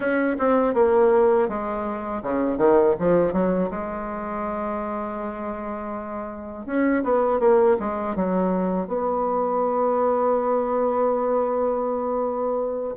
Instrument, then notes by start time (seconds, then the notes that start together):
bassoon
0.00 C#4
0.39 C4
0.74 A#3
1.48 G#3
2.22 C#3
2.57 D#3
2.99 F3
3.33 F#3
3.70 G#3
6.66 C#4
7.03 B3
7.39 A#3
7.79 G#3
8.15 F#3
8.87 B3